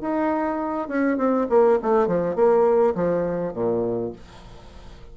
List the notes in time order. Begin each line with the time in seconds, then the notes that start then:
0.00 D#4
0.88 C#4
1.17 C4
1.49 A#3
1.82 A3
2.07 F3
2.35 A#3
2.95 F3
3.53 A#2